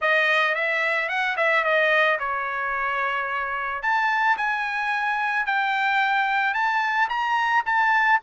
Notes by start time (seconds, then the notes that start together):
0.01 D#5
0.55 E5
1.08 F#5
1.36 E5
1.63 D#5
2.19 C#5
3.82 A5
4.37 G#5
5.45 G5
6.54 A5
7.09 A#5
7.65 A5